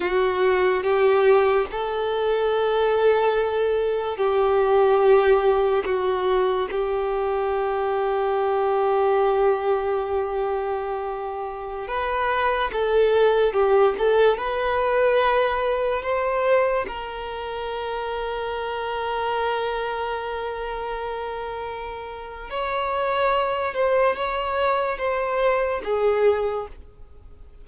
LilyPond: \new Staff \with { instrumentName = "violin" } { \time 4/4 \tempo 4 = 72 fis'4 g'4 a'2~ | a'4 g'2 fis'4 | g'1~ | g'2~ g'16 b'4 a'8.~ |
a'16 g'8 a'8 b'2 c''8.~ | c''16 ais'2.~ ais'8.~ | ais'2. cis''4~ | cis''8 c''8 cis''4 c''4 gis'4 | }